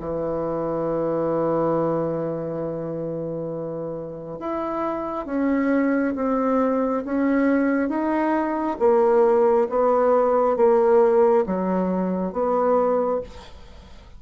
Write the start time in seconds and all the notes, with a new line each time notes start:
0.00 E3
4.39 E4
5.26 C#4
6.15 C4
7.05 C#4
7.89 D#4
8.79 A#3
9.69 B3
10.56 A#3
11.46 F#3
12.32 B3